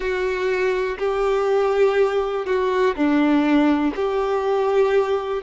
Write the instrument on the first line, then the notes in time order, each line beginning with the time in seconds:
violin
0.00 F#4
0.98 G4
2.45 F#4
2.95 D4
3.95 G4